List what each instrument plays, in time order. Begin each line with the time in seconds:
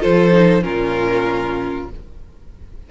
0.00 cello F3, viola F4, violin A4 C5
0.32 viola D#4
0.62 cello A#2, viola C#4, violin F4 A#4